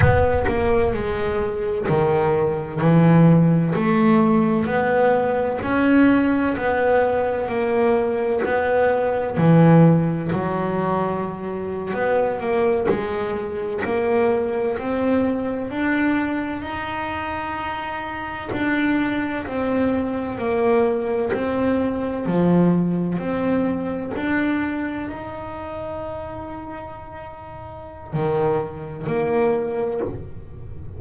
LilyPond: \new Staff \with { instrumentName = "double bass" } { \time 4/4 \tempo 4 = 64 b8 ais8 gis4 dis4 e4 | a4 b4 cis'4 b4 | ais4 b4 e4 fis4~ | fis8. b8 ais8 gis4 ais4 c'16~ |
c'8. d'4 dis'2 d'16~ | d'8. c'4 ais4 c'4 f16~ | f8. c'4 d'4 dis'4~ dis'16~ | dis'2 dis4 ais4 | }